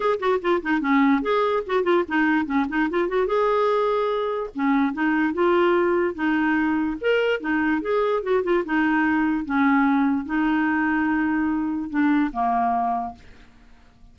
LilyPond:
\new Staff \with { instrumentName = "clarinet" } { \time 4/4 \tempo 4 = 146 gis'8 fis'8 f'8 dis'8 cis'4 gis'4 | fis'8 f'8 dis'4 cis'8 dis'8 f'8 fis'8 | gis'2. cis'4 | dis'4 f'2 dis'4~ |
dis'4 ais'4 dis'4 gis'4 | fis'8 f'8 dis'2 cis'4~ | cis'4 dis'2.~ | dis'4 d'4 ais2 | }